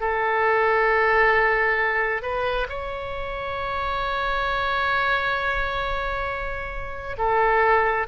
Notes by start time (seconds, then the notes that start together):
0.00 A4
2.22 B4
2.69 C#5
7.18 A4